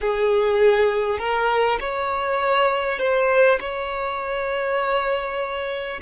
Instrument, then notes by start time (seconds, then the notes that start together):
violin
0.01 G#4
1.18 A#4
1.79 C#5
2.98 C5
3.60 C#5